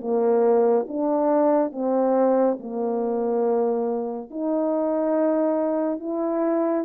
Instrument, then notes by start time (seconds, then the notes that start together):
horn
0.00 A#3
0.88 D4
1.72 C4
2.59 A#3
4.30 D#4
5.99 E4